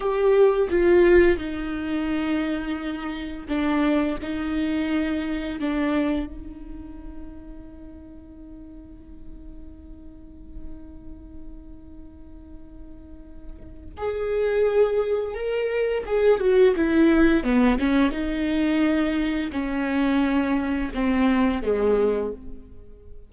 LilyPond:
\new Staff \with { instrumentName = "viola" } { \time 4/4 \tempo 4 = 86 g'4 f'4 dis'2~ | dis'4 d'4 dis'2 | d'4 dis'2.~ | dis'1~ |
dis'1 | gis'2 ais'4 gis'8 fis'8 | e'4 b8 cis'8 dis'2 | cis'2 c'4 gis4 | }